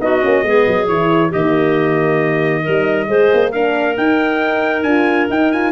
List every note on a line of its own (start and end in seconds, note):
0.00 0.23 B3
0.00 0.22 D#4
0.00 0.47 F#4
0.00 0.88 D#5
0.22 0.43 A#3
0.22 0.44 C#4
0.43 0.65 G#3
0.43 0.88 B3
0.43 1.30 G#4
0.68 0.89 F#3
0.88 1.33 E3
0.88 1.33 E4
0.88 1.32 C#5
1.30 2.68 D#3
1.30 2.66 A#3
1.30 2.63 G4
1.30 3.52 D#5
2.63 3.09 G3
2.63 3.08 D#4
2.63 3.07 A#4
3.08 3.31 G#3
3.08 3.52 G#4
3.08 3.53 C5
3.34 3.98 A#3
3.52 3.99 D4
3.52 5.72 A#4
3.52 3.97 F5
3.98 4.84 D#4
3.98 4.87 D#4
3.98 4.83 G5
4.83 5.29 D4
4.83 5.31 F4
4.83 5.27 G#5
5.30 5.72 D#4
5.30 5.53 D#4
5.30 5.52 G5
5.52 5.72 F4
5.52 5.72 G#5